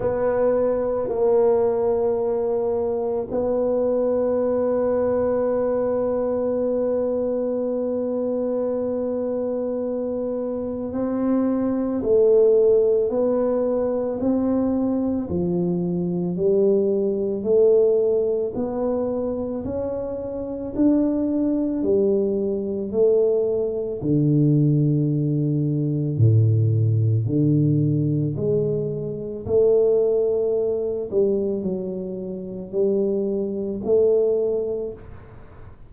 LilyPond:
\new Staff \with { instrumentName = "tuba" } { \time 4/4 \tempo 4 = 55 b4 ais2 b4~ | b1~ | b2 c'4 a4 | b4 c'4 f4 g4 |
a4 b4 cis'4 d'4 | g4 a4 d2 | a,4 d4 gis4 a4~ | a8 g8 fis4 g4 a4 | }